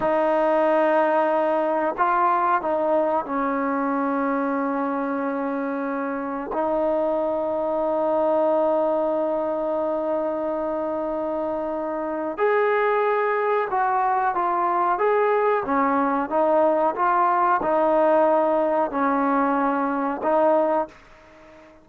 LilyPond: \new Staff \with { instrumentName = "trombone" } { \time 4/4 \tempo 4 = 92 dis'2. f'4 | dis'4 cis'2.~ | cis'2 dis'2~ | dis'1~ |
dis'2. gis'4~ | gis'4 fis'4 f'4 gis'4 | cis'4 dis'4 f'4 dis'4~ | dis'4 cis'2 dis'4 | }